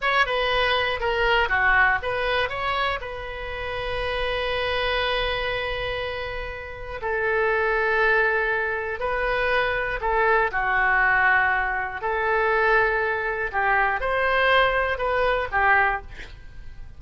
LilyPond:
\new Staff \with { instrumentName = "oboe" } { \time 4/4 \tempo 4 = 120 cis''8 b'4. ais'4 fis'4 | b'4 cis''4 b'2~ | b'1~ | b'2 a'2~ |
a'2 b'2 | a'4 fis'2. | a'2. g'4 | c''2 b'4 g'4 | }